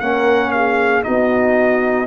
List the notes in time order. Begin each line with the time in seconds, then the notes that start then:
0.00 A#3 C#4 A#4 F#5
0.51 G#4 F5
1.03 B3 D#4 F#4 D#5